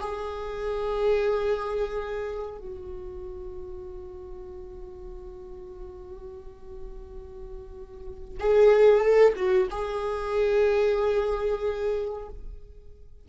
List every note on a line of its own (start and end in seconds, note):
0.00 2.57 G#4
2.57 8.38 F#4
8.40 9.01 G#4
9.01 9.33 A4
9.35 9.68 F#4
9.70 12.28 G#4